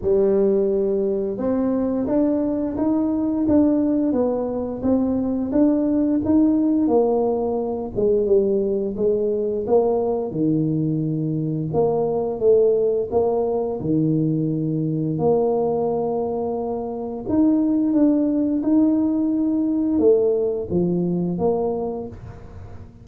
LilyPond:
\new Staff \with { instrumentName = "tuba" } { \time 4/4 \tempo 4 = 87 g2 c'4 d'4 | dis'4 d'4 b4 c'4 | d'4 dis'4 ais4. gis8 | g4 gis4 ais4 dis4~ |
dis4 ais4 a4 ais4 | dis2 ais2~ | ais4 dis'4 d'4 dis'4~ | dis'4 a4 f4 ais4 | }